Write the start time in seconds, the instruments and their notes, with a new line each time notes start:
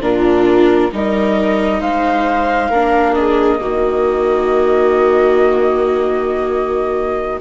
0.00 bassoon A#2, viola D4 F4, flute A#4
0.92 bassoon G3, viola D#4 A#4, flute D#5
1.80 bassoon G#3, viola C5, flute F5
2.68 bassoon A#3, viola D4 A#4
3.13 viola G#4, flute D#5
3.59 bassoon D#3, viola A#3 F#4